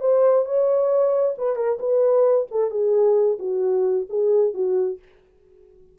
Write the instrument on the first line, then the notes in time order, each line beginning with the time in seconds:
horn
0.00 C5
0.45 C#5
1.37 B4
1.55 A#4
1.79 B4
2.51 A4
2.70 G#4
3.39 F#4
4.09 G#4
4.53 F#4